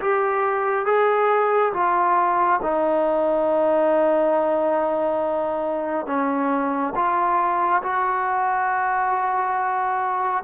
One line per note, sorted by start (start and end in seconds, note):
0.00 0.86 G4
0.86 1.73 G#4
1.73 2.60 F4
2.62 6.07 D#4
6.07 6.94 C#4
6.95 7.82 F4
7.83 10.43 F#4